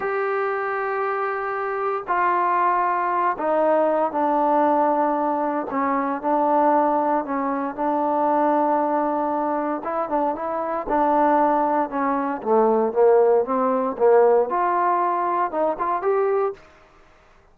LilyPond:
\new Staff \with { instrumentName = "trombone" } { \time 4/4 \tempo 4 = 116 g'1 | f'2~ f'8 dis'4. | d'2. cis'4 | d'2 cis'4 d'4~ |
d'2. e'8 d'8 | e'4 d'2 cis'4 | a4 ais4 c'4 ais4 | f'2 dis'8 f'8 g'4 | }